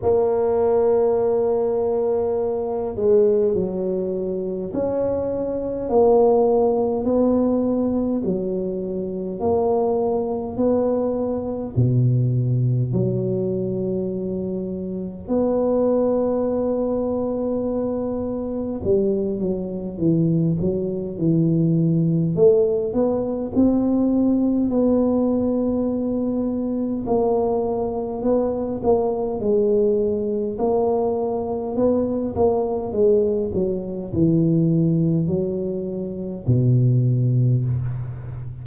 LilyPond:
\new Staff \with { instrumentName = "tuba" } { \time 4/4 \tempo 4 = 51 ais2~ ais8 gis8 fis4 | cis'4 ais4 b4 fis4 | ais4 b4 b,4 fis4~ | fis4 b2. |
g8 fis8 e8 fis8 e4 a8 b8 | c'4 b2 ais4 | b8 ais8 gis4 ais4 b8 ais8 | gis8 fis8 e4 fis4 b,4 | }